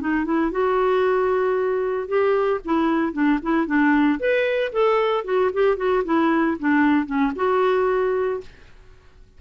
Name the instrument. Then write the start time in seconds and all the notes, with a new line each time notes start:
clarinet
0.00 D#4
0.24 E4
0.51 F#4
2.07 G4
2.64 E4
3.12 D4
3.42 E4
3.66 D4
4.19 B4
4.72 A4
5.24 F#4
5.53 G4
5.76 F#4
6.04 E4
6.59 D4
7.06 C#4
7.35 F#4